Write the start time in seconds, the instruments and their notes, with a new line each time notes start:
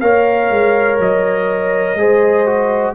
0.00 tuba A#3, trombone A#4, horn C#5, trumpet F5
0.50 tuba G#3
0.99 tuba F#3, trumpet D#5
1.95 tuba G#3, trombone G#4, horn C5
2.46 trombone F#4